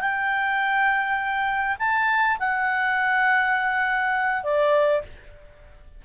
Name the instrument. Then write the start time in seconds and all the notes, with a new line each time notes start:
clarinet
0.00 G5
1.79 A5
2.39 F#5
4.43 D5